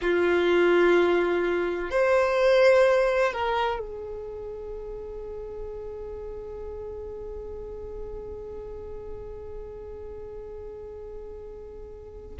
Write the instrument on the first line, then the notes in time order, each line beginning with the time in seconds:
violin
0.01 F4
1.90 C5
3.32 A#4
3.79 G#4